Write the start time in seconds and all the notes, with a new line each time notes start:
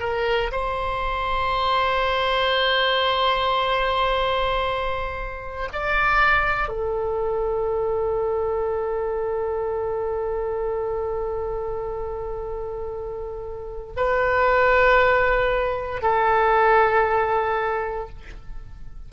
0.00 A#4
0.52 C5
5.73 D5
6.69 A4
13.97 B4
16.03 A4